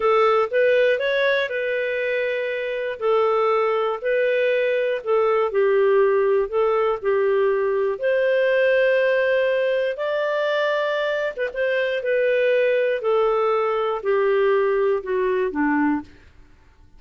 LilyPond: \new Staff \with { instrumentName = "clarinet" } { \time 4/4 \tempo 4 = 120 a'4 b'4 cis''4 b'4~ | b'2 a'2 | b'2 a'4 g'4~ | g'4 a'4 g'2 |
c''1 | d''2~ d''8. b'16 c''4 | b'2 a'2 | g'2 fis'4 d'4 | }